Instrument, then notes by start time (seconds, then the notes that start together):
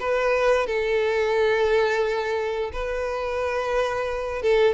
violin
0.00 B4
0.67 A4
2.73 B4
4.42 A4